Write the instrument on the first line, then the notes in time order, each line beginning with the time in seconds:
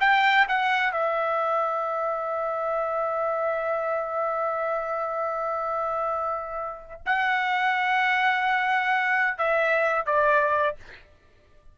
trumpet
0.00 G5
0.48 F#5
0.92 E5
7.06 F#5
9.37 E5
10.06 D5